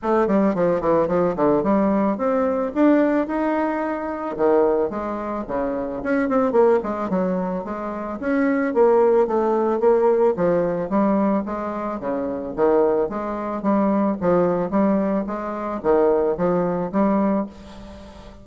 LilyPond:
\new Staff \with { instrumentName = "bassoon" } { \time 4/4 \tempo 4 = 110 a8 g8 f8 e8 f8 d8 g4 | c'4 d'4 dis'2 | dis4 gis4 cis4 cis'8 c'8 | ais8 gis8 fis4 gis4 cis'4 |
ais4 a4 ais4 f4 | g4 gis4 cis4 dis4 | gis4 g4 f4 g4 | gis4 dis4 f4 g4 | }